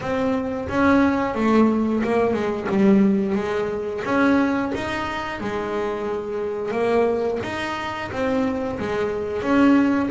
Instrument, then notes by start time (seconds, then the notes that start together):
double bass
0.01 C4
0.69 C#4
1.35 A3
2.03 A#3
2.33 G#3
2.69 G3
3.35 G#3
4.04 C#4
4.74 D#4
5.40 G#3
6.71 A#3
7.43 D#4
8.11 C4
8.79 G#3
9.42 C#4